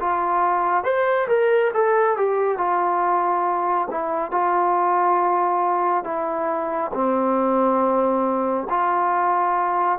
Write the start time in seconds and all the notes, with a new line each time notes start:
0.00 F4
0.83 C5
1.27 A#4
1.74 A4
2.16 G4
2.57 F4
3.90 E4
4.31 F4
6.04 E4
6.93 C4
8.70 F4